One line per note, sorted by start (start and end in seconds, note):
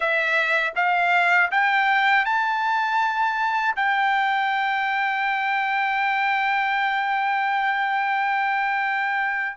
0.00 0.73 E5
0.75 1.50 F5
1.51 2.25 G5
2.25 3.75 A5
3.76 9.56 G5